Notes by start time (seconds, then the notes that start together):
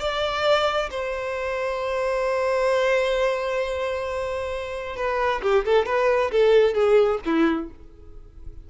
0.00 D5
0.91 C5
4.96 B4
5.42 G4
5.66 A4
5.86 B4
6.32 A4
6.74 G#4
7.26 E4